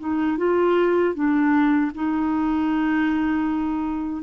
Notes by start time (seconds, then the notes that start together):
0.00 D#4
0.38 F4
1.15 D4
1.95 D#4